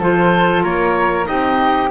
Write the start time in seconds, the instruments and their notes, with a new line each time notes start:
0.00 double bass F3, clarinet F4, flute A4, oboe C5
0.63 double bass A#3, flute A#4, oboe C#5
1.25 double bass C4, clarinet D#4, flute G4, oboe D#5